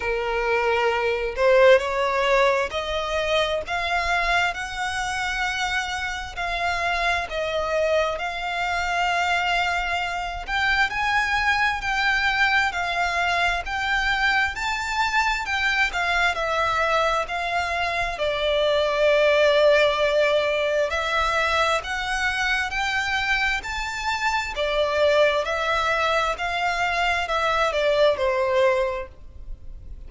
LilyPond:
\new Staff \with { instrumentName = "violin" } { \time 4/4 \tempo 4 = 66 ais'4. c''8 cis''4 dis''4 | f''4 fis''2 f''4 | dis''4 f''2~ f''8 g''8 | gis''4 g''4 f''4 g''4 |
a''4 g''8 f''8 e''4 f''4 | d''2. e''4 | fis''4 g''4 a''4 d''4 | e''4 f''4 e''8 d''8 c''4 | }